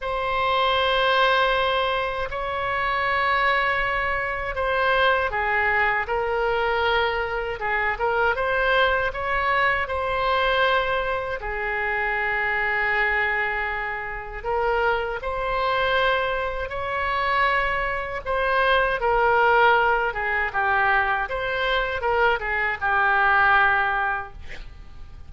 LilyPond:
\new Staff \with { instrumentName = "oboe" } { \time 4/4 \tempo 4 = 79 c''2. cis''4~ | cis''2 c''4 gis'4 | ais'2 gis'8 ais'8 c''4 | cis''4 c''2 gis'4~ |
gis'2. ais'4 | c''2 cis''2 | c''4 ais'4. gis'8 g'4 | c''4 ais'8 gis'8 g'2 | }